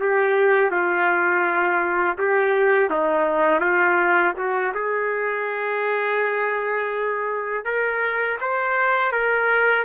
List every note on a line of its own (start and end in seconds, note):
0.00 0.71 G4
0.71 2.17 F4
2.18 2.90 G4
2.90 3.61 D#4
3.61 4.34 F4
4.37 4.74 F#4
4.75 7.65 G#4
7.65 8.38 A#4
8.41 9.12 C5
9.12 9.84 A#4